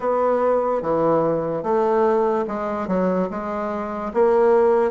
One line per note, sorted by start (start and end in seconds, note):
0.00 0.81 B3
0.81 1.63 E3
1.63 2.45 A3
2.47 2.87 G#3
2.87 3.28 F#3
3.30 4.12 G#3
4.13 4.91 A#3